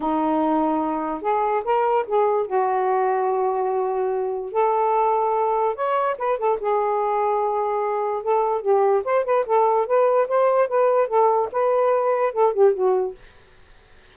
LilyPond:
\new Staff \with { instrumentName = "saxophone" } { \time 4/4 \tempo 4 = 146 dis'2. gis'4 | ais'4 gis'4 fis'2~ | fis'2. a'4~ | a'2 cis''4 b'8 a'8 |
gis'1 | a'4 g'4 c''8 b'8 a'4 | b'4 c''4 b'4 a'4 | b'2 a'8 g'8 fis'4 | }